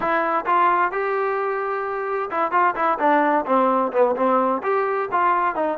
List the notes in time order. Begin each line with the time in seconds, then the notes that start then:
0.00 E4
0.46 F4
0.91 G4
2.30 E4
2.51 F4
2.75 E4
2.99 D4
3.46 C4
3.92 B3
4.16 C4
4.62 G4
5.11 F4
5.55 D#4